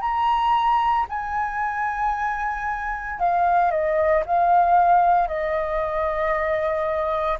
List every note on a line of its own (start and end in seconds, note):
0.00 1.05 A#5
1.09 3.19 G#5
3.19 3.70 F5
3.70 4.23 D#5
4.25 5.27 F5
5.27 7.38 D#5